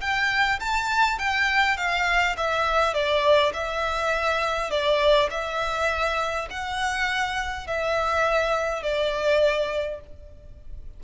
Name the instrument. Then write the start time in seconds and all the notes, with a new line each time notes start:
violin
0.00 G5
0.60 A5
1.18 G5
1.77 F5
2.37 E5
2.94 D5
3.53 E5
4.70 D5
5.30 E5
6.50 F#5
7.66 E5
8.82 D5